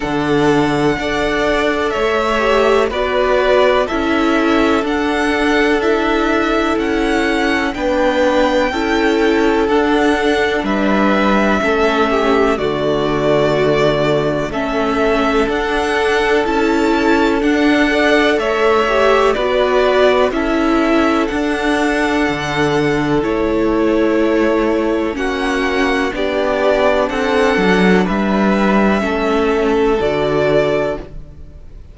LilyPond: <<
  \new Staff \with { instrumentName = "violin" } { \time 4/4 \tempo 4 = 62 fis''2 e''4 d''4 | e''4 fis''4 e''4 fis''4 | g''2 fis''4 e''4~ | e''4 d''2 e''4 |
fis''4 a''4 fis''4 e''4 | d''4 e''4 fis''2 | cis''2 fis''4 d''4 | fis''4 e''2 d''4 | }
  \new Staff \with { instrumentName = "violin" } { \time 4/4 a'4 d''4 cis''4 b'4 | a'1 | b'4 a'2 b'4 | a'8 g'8 fis'2 a'4~ |
a'2~ a'8 d''8 cis''4 | b'4 a'2.~ | a'2 fis'4 g'4 | a'4 b'4 a'2 | }
  \new Staff \with { instrumentName = "viola" } { \time 4/4 d'4 a'4. g'8 fis'4 | e'4 d'4 e'2 | d'4 e'4 d'2 | cis'4 a2 cis'4 |
d'4 e'4 d'8 a'4 g'8 | fis'4 e'4 d'2 | e'2 cis'4 d'4~ | d'2 cis'4 fis'4 | }
  \new Staff \with { instrumentName = "cello" } { \time 4/4 d4 d'4 a4 b4 | cis'4 d'2 cis'4 | b4 cis'4 d'4 g4 | a4 d2 a4 |
d'4 cis'4 d'4 a4 | b4 cis'4 d'4 d4 | a2 ais4 b4 | c'8 fis8 g4 a4 d4 | }
>>